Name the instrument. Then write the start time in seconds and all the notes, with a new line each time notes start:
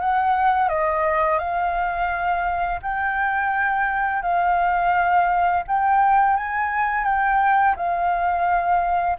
flute
0.00 F#5
0.69 D#5
1.39 F5
2.82 G5
4.23 F5
5.68 G5
6.37 G#5
7.05 G5
7.76 F5